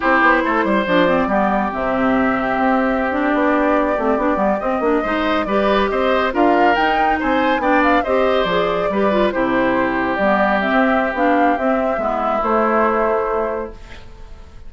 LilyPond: <<
  \new Staff \with { instrumentName = "flute" } { \time 4/4 \tempo 4 = 140 c''2 d''2 | e''2.~ e''16 d''8.~ | d''2~ d''8. dis''4~ dis''16~ | dis''8. d''4 dis''4 f''4 g''16~ |
g''8. gis''4 g''8 f''8 dis''4 d''16~ | d''4.~ d''16 c''2 d''16~ | d''8. e''4~ e''16 f''4 e''4~ | e''4 c''2. | }
  \new Staff \with { instrumentName = "oboe" } { \time 4/4 g'4 a'8 c''4. g'4~ | g'1~ | g'2.~ g'8. c''16~ | c''8. b'4 c''4 ais'4~ ais'16~ |
ais'8. c''4 d''4 c''4~ c''16~ | c''8. b'4 g'2~ g'16~ | g'1 | e'1 | }
  \new Staff \with { instrumentName = "clarinet" } { \time 4/4 e'2 d'8 c'8 b4 | c'2.~ c'16 d'8.~ | d'4~ d'16 c'8 d'8 b8 c'8 d'8 dis'16~ | dis'8. g'2 f'4 dis'16~ |
dis'4.~ dis'16 d'4 g'4 gis'16~ | gis'8. g'8 f'8 e'2 b16~ | b8. c'4~ c'16 d'4 c'4 | b4 a2. | }
  \new Staff \with { instrumentName = "bassoon" } { \time 4/4 c'8 b8 a8 g8 f4 g4 | c2 c'4.~ c'16 b16~ | b4~ b16 a8 b8 g8 c'8 ais8 gis16~ | gis8. g4 c'4 d'4 dis'16~ |
dis'8. c'4 b4 c'4 f16~ | f8. g4 c2 g16~ | g4 c'4 b4 c'4 | gis4 a2. | }
>>